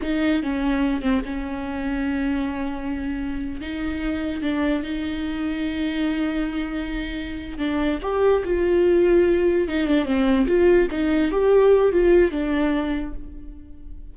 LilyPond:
\new Staff \with { instrumentName = "viola" } { \time 4/4 \tempo 4 = 146 dis'4 cis'4. c'8 cis'4~ | cis'1~ | cis'8. dis'2 d'4 dis'16~ | dis'1~ |
dis'2~ dis'8 d'4 g'8~ | g'8 f'2. dis'8 | d'8 c'4 f'4 dis'4 g'8~ | g'4 f'4 d'2 | }